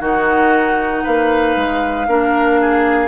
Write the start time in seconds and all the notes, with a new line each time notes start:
0.00 D#3 D#4 F#4 F#5
1.03 A#3 B4 F5
1.56 G#3
2.07 A#3 D4 A#4
2.60 G#4